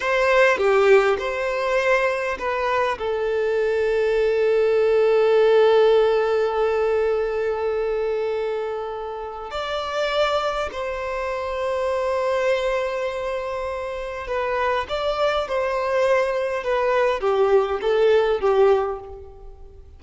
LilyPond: \new Staff \with { instrumentName = "violin" } { \time 4/4 \tempo 4 = 101 c''4 g'4 c''2 | b'4 a'2.~ | a'1~ | a'1 |
d''2 c''2~ | c''1 | b'4 d''4 c''2 | b'4 g'4 a'4 g'4 | }